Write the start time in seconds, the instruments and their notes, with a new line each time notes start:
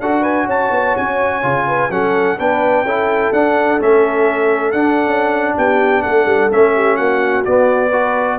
0.00 tuba D4, trombone F#4, horn A4, trumpet F#5
0.22 horn B4, trumpet G#5
0.46 tuba C#4, horn C#5, trumpet A5
0.71 tuba B3
0.97 tuba C#4, trumpet G#5
1.42 tuba C#3, trombone F4
1.67 horn B4
1.90 tuba F#3, trombone C#4, horn A4, trumpet F#5
2.38 tuba B3, trombone D4, horn B4, trumpet G5
2.83 tuba C#4, trombone E4, horn A4
3.32 tuba D4, trombone D4, trumpet F#5
3.79 tuba A3, trombone C#4, trumpet E5
4.72 tuba D4, trombone D4, trumpet F#5
5.06 tuba C#4
5.56 tuba B3, horn G4, trumpet G5
6.02 tuba A3, horn A4, trumpet F#5
6.25 tuba G3
6.51 tuba A3, trombone C#4, trumpet E5
6.74 horn G4
6.96 tuba A#3, horn F#4, trumpet F#5
7.45 trombone B3, tuba B3, trumpet D5
7.90 trombone F#4, horn B4